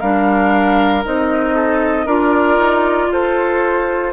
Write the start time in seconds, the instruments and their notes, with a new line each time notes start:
0.00 bassoon G3, clarinet D4, oboe A#4, flute F5
1.04 bassoon C4, clarinet D#4, flute D#5
1.55 oboe A4
2.06 bassoon D4, clarinet F4, oboe A#4, flute D5
2.58 bassoon D#4
3.08 bassoon F4, oboe A4, flute C5